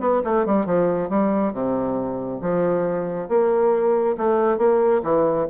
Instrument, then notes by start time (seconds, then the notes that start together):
bassoon
0.00 B3
0.24 A3
0.46 G3
0.66 F3
1.09 G3
1.53 C3
2.41 F3
3.29 A#3
4.17 A3
4.58 A#3
5.03 E3